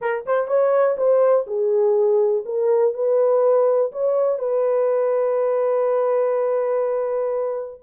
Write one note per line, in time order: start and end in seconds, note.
0.01 0.25 A#4
0.25 0.47 C5
0.47 0.96 C#5
0.97 1.46 C5
1.46 2.44 G#4
2.45 2.94 A#4
2.94 3.91 B4
3.92 4.39 C#5
4.39 7.80 B4